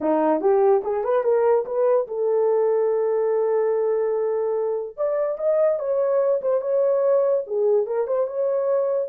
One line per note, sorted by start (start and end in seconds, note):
0.00 0.40 D#4
0.40 0.82 G4
0.84 1.04 G#4
1.04 1.23 B4
1.23 1.65 A#4
1.65 2.07 B4
2.07 4.97 A4
4.97 5.37 D5
5.37 5.79 D#5
5.79 6.41 C#5
6.41 6.61 C5
6.61 7.44 C#5
7.47 7.86 G#4
7.86 8.07 A#4
8.07 8.27 C5
8.27 9.08 C#5